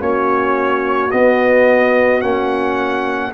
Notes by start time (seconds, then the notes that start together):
0.00 A#3 C#4 F#4 C#5
1.11 B3 D#5
2.21 A#3 C#4 F#5